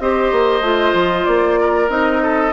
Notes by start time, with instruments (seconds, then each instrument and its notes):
0.00 bassoon C4, clarinet G4, oboe C5, flute D#5
0.32 bassoon A#3
0.61 bassoon A3, clarinet F4
0.94 bassoon F3
1.25 bassoon A#3, flute D5
1.61 oboe A#4
1.88 bassoon C4, clarinet D#4, flute D#5
2.22 oboe A4